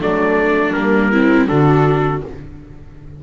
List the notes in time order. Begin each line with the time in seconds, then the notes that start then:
0.00 F#3 A3 D4 D5
0.73 G3 A#3 A#4
1.11 C4 E4
1.47 D3 D4 F#4 A4